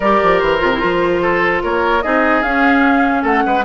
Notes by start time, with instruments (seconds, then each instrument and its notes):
0.00 bassoon G3, clarinet G4, oboe A#4, flute D5
0.22 bassoon F3
0.39 bassoon E3, flute C5
0.59 bassoon C3, clarinet F4
0.72 clarinet E4
0.80 bassoon F3, clarinet F4
1.22 oboe A4
1.63 bassoon A#3, oboe A#4, flute C#5
2.02 bassoon C4, clarinet D#4, oboe G#4, flute D#5
2.42 bassoon C#4, clarinet C#4, flute F5
3.22 bassoon A3, oboe A4, flute F#5
3.45 bassoon G#3, oboe B4